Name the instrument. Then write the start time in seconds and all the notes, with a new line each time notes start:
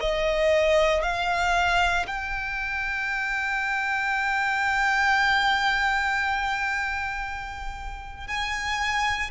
violin
0.00 D#5
1.03 F5
2.07 G5
8.27 G#5